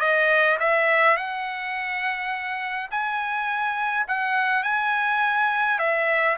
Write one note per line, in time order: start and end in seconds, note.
0.00 0.58 D#5
0.59 1.17 E5
1.17 2.90 F#5
2.91 4.06 G#5
4.08 4.63 F#5
4.63 5.78 G#5
5.78 6.36 E5